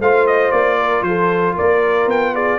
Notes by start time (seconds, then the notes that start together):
0.00 A3 F4 C5 F5
0.27 D#5
0.51 A#3 D5
0.80 A#4
1.02 F3 A4 C5
1.55 A#3 A#4 D5
2.06 B3 G5
2.34 G#4 D5